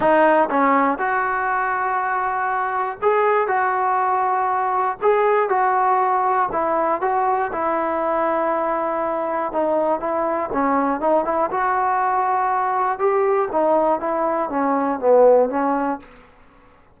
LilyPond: \new Staff \with { instrumentName = "trombone" } { \time 4/4 \tempo 4 = 120 dis'4 cis'4 fis'2~ | fis'2 gis'4 fis'4~ | fis'2 gis'4 fis'4~ | fis'4 e'4 fis'4 e'4~ |
e'2. dis'4 | e'4 cis'4 dis'8 e'8 fis'4~ | fis'2 g'4 dis'4 | e'4 cis'4 b4 cis'4 | }